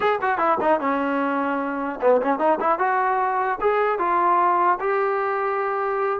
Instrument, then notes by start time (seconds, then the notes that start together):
trombone
0.00 G#4
0.21 F#4
0.38 E4
0.61 D#4
0.80 C#4
2.01 B3
2.21 C#4
2.39 D#4
2.59 E4
2.78 F#4
3.60 G#4
3.98 F4
4.80 G4